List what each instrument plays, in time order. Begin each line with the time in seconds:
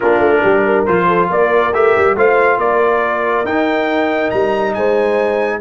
0.00 tuba A#3, trombone D4, horn F4, trumpet A#4
0.19 tuba A3
0.42 tuba G3, horn G4
0.64 horn A#4
0.85 tuba F3, trombone F4, trumpet C5
1.07 horn A4
1.29 tuba A#3, horn A#4, trumpet D5
1.73 tuba A3, trombone G4, trumpet E5
1.96 tuba G3
2.15 tuba A3, trombone F4, horn C5, trumpet F5
2.58 tuba A#3, horn A#4, trumpet D5
3.44 tuba D#4, trombone D#4, trumpet G5
4.30 tuba G3, trumpet A#5
4.74 tuba G#3, horn C5, trumpet G#5